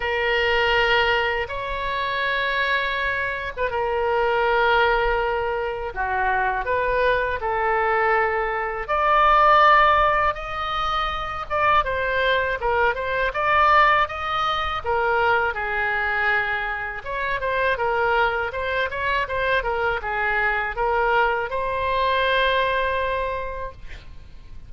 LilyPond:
\new Staff \with { instrumentName = "oboe" } { \time 4/4 \tempo 4 = 81 ais'2 cis''2~ | cis''8. b'16 ais'2. | fis'4 b'4 a'2 | d''2 dis''4. d''8 |
c''4 ais'8 c''8 d''4 dis''4 | ais'4 gis'2 cis''8 c''8 | ais'4 c''8 cis''8 c''8 ais'8 gis'4 | ais'4 c''2. | }